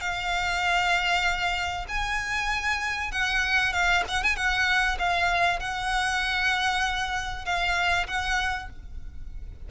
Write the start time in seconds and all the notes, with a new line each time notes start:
0.00 F5
1.88 G#5
3.11 F#5
3.72 F5
4.08 F#5
4.23 G#5
4.36 F#5
4.98 F5
5.59 F#5
7.45 F5
8.07 F#5